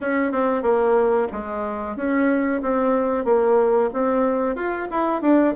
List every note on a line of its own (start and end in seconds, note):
0.01 0.32 C#4
0.32 0.62 C4
0.62 1.27 A#3
1.32 1.96 G#3
1.96 2.61 C#4
2.62 3.24 C4
3.24 3.90 A#3
3.93 4.55 C4
4.55 4.88 F4
4.90 5.21 E4
5.21 5.54 D4